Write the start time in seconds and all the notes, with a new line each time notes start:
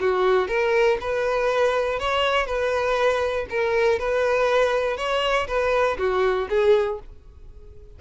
0.00 F#4
0.48 A#4
1.00 B4
1.99 C#5
2.46 B4
3.50 A#4
3.99 B4
4.97 C#5
5.47 B4
5.98 F#4
6.49 G#4